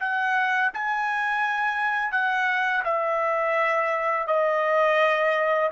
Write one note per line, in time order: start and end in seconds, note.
0.00 0.71 F#5
0.74 2.12 G#5
2.12 2.83 F#5
2.85 4.28 E5
4.28 5.70 D#5